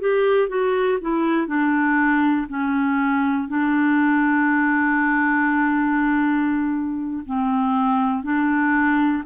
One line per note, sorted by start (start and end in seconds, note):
0.00 0.49 G4
0.49 0.99 F#4
1.01 1.47 E4
1.47 2.47 D4
2.48 3.48 C#4
3.49 7.24 D4
7.26 8.24 C4
8.24 9.24 D4